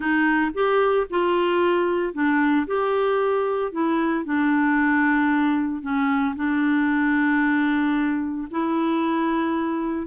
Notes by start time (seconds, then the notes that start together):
0.00 D#4
0.53 G4
1.09 F4
2.13 D4
2.66 G4
3.72 E4
4.25 D4
5.81 C#4
6.35 D4
8.50 E4